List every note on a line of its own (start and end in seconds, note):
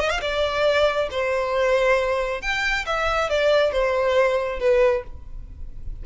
0.00 0.10 D#5
0.10 0.21 F5
0.22 1.09 D5
1.11 2.42 C5
2.42 2.86 G5
2.86 3.30 E5
3.30 3.72 D5
3.72 4.60 C5
4.60 5.04 B4